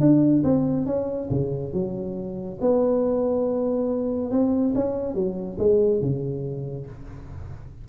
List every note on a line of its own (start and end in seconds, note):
0.00 0.43 D4
0.44 0.86 C4
0.86 1.29 C#4
1.30 1.73 C#3
1.73 2.59 F#3
2.61 4.31 B3
4.31 4.74 C4
4.75 5.14 C#4
5.14 5.57 F#3
5.58 6.01 G#3
6.01 6.86 C#3